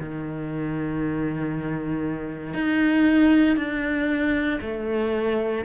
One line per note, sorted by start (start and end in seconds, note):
0.00 2.54 D#3
2.54 3.57 D#4
3.57 4.60 D4
4.62 5.65 A3